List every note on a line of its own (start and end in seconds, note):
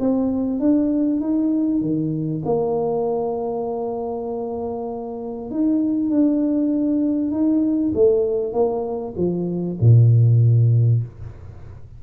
0.00 0.60 C4
0.60 1.21 D4
1.21 1.82 D#4
1.82 2.43 D#3
2.46 5.51 A#3
5.51 6.11 D#4
6.11 7.32 D4
7.32 7.93 D#4
7.95 8.53 A3
8.53 9.14 A#3
9.18 9.79 F3
9.81 11.03 A#2